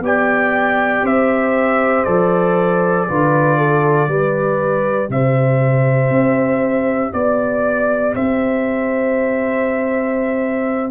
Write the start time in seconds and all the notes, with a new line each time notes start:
0.00 B3 G4 D5 G5
1.03 C4 C5 E5
2.04 F3 A4 D5
3.09 D3 F4 B4
3.58 A4
4.08 G3 G4 B4
5.10 C3 C5 E5
6.11 C4
7.13 B3 D5
8.15 C4 C5 E5